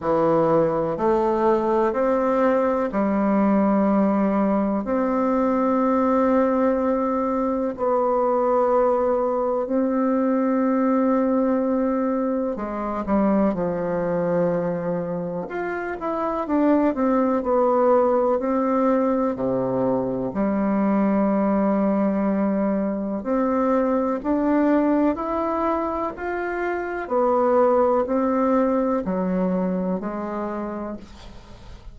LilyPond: \new Staff \with { instrumentName = "bassoon" } { \time 4/4 \tempo 4 = 62 e4 a4 c'4 g4~ | g4 c'2. | b2 c'2~ | c'4 gis8 g8 f2 |
f'8 e'8 d'8 c'8 b4 c'4 | c4 g2. | c'4 d'4 e'4 f'4 | b4 c'4 fis4 gis4 | }